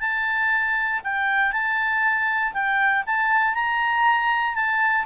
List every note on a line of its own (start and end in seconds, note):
0.00 1.01 A5
1.04 1.52 G5
1.52 2.53 A5
2.53 3.04 G5
3.06 3.54 A5
3.54 4.55 A#5
4.55 5.05 A5